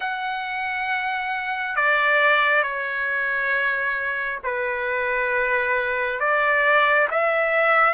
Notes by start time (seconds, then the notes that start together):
0.00 F#5
1.76 D5
2.62 C#5
4.43 B4
6.20 D5
7.10 E5